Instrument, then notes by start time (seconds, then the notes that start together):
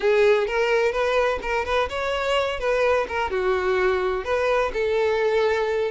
violin
0.00 G#4
0.47 A#4
0.91 B4
1.42 A#4
1.65 B4
1.89 C#5
2.59 B4
3.08 A#4
3.30 F#4
4.24 B4
4.73 A4